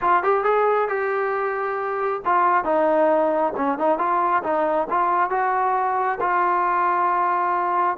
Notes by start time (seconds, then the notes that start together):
0.01 F4
0.23 G4
0.43 G#4
0.88 G4
2.25 F4
2.64 D#4
3.56 C#4
3.78 D#4
3.98 F4
4.43 D#4
4.89 F4
5.30 F#4
6.20 F4